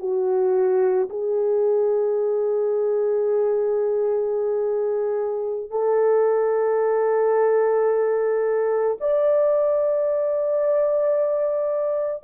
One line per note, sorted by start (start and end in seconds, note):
0.00 1.09 F#4
1.10 5.71 G#4
5.71 8.98 A4
9.00 12.24 D5